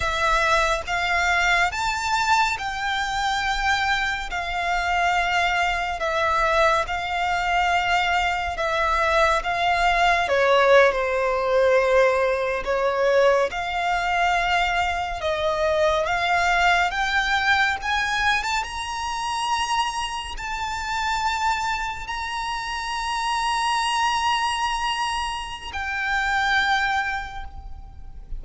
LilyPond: \new Staff \with { instrumentName = "violin" } { \time 4/4 \tempo 4 = 70 e''4 f''4 a''4 g''4~ | g''4 f''2 e''4 | f''2 e''4 f''4 | cis''8. c''2 cis''4 f''16~ |
f''4.~ f''16 dis''4 f''4 g''16~ | g''8. gis''8. a''16 ais''2 a''16~ | a''4.~ a''16 ais''2~ ais''16~ | ais''2 g''2 | }